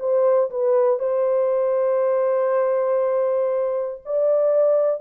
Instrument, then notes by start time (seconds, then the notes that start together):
horn
0.00 C5
0.51 B4
0.99 C5
4.06 D5